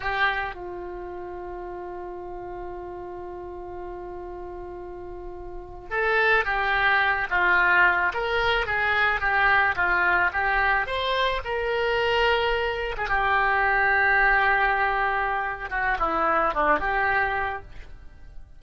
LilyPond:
\new Staff \with { instrumentName = "oboe" } { \time 4/4 \tempo 4 = 109 g'4 f'2.~ | f'1~ | f'2~ f'8. a'4 g'16~ | g'4~ g'16 f'4. ais'4 gis'16~ |
gis'8. g'4 f'4 g'4 c''16~ | c''8. ais'2~ ais'8. gis'16 g'16~ | g'1~ | g'8 fis'8 e'4 d'8 g'4. | }